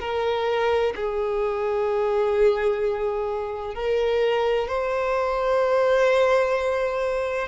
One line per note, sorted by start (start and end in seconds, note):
0.00 0.94 A#4
0.96 3.75 G#4
3.75 4.68 A#4
4.68 7.48 C5